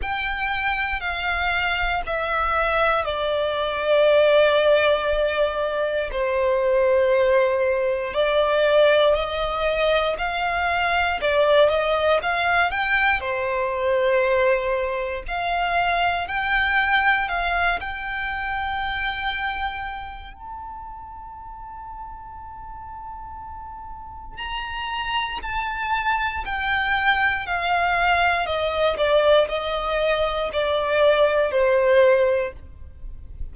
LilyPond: \new Staff \with { instrumentName = "violin" } { \time 4/4 \tempo 4 = 59 g''4 f''4 e''4 d''4~ | d''2 c''2 | d''4 dis''4 f''4 d''8 dis''8 | f''8 g''8 c''2 f''4 |
g''4 f''8 g''2~ g''8 | a''1 | ais''4 a''4 g''4 f''4 | dis''8 d''8 dis''4 d''4 c''4 | }